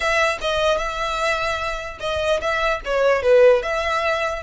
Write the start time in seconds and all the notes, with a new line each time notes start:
0.00 E5
0.41 D#5
0.77 E5
2.00 D#5
2.40 E5
2.84 C#5
3.22 B4
3.62 E5